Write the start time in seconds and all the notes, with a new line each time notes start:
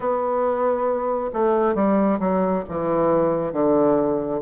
0.00 B3
1.33 A3
1.74 G3
2.19 F#3
2.68 E3
3.53 D3